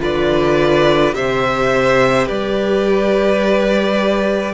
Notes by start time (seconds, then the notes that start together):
0.00 D3 F4 B4 D5
1.13 C3 G4 C5 E5
2.26 G3 B4 D5